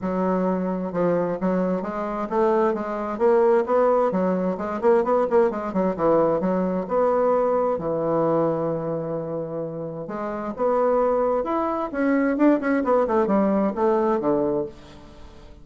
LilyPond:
\new Staff \with { instrumentName = "bassoon" } { \time 4/4 \tempo 4 = 131 fis2 f4 fis4 | gis4 a4 gis4 ais4 | b4 fis4 gis8 ais8 b8 ais8 | gis8 fis8 e4 fis4 b4~ |
b4 e2.~ | e2 gis4 b4~ | b4 e'4 cis'4 d'8 cis'8 | b8 a8 g4 a4 d4 | }